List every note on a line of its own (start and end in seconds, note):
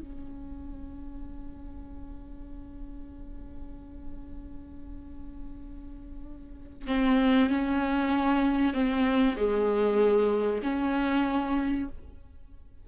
0.00 6.88 C#4
6.88 7.50 C4
7.50 8.74 C#4
8.74 9.36 C4
9.37 10.62 G#3
10.63 11.88 C#4